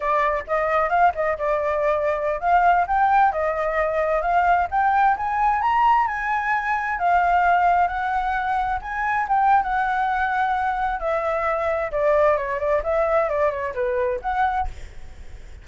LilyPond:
\new Staff \with { instrumentName = "flute" } { \time 4/4 \tempo 4 = 131 d''4 dis''4 f''8 dis''8 d''4~ | d''4~ d''16 f''4 g''4 dis''8.~ | dis''4~ dis''16 f''4 g''4 gis''8.~ | gis''16 ais''4 gis''2 f''8.~ |
f''4~ f''16 fis''2 gis''8.~ | gis''16 g''8. fis''2. | e''2 d''4 cis''8 d''8 | e''4 d''8 cis''8 b'4 fis''4 | }